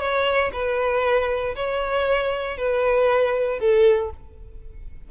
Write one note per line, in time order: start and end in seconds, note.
0.00 0.51 C#5
0.53 1.55 B4
1.56 2.58 C#5
2.58 3.59 B4
3.59 4.11 A4